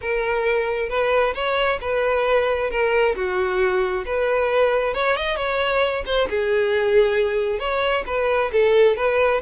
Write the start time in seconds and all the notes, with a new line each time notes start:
0.01 A#4
0.89 B4
1.34 C#5
1.80 B4
2.70 A#4
3.15 F#4
4.05 B4
4.94 C#5
5.16 D#5
5.36 C#5
6.06 C5
6.29 G#4
7.59 C#5
8.06 B4
8.52 A4
8.96 B4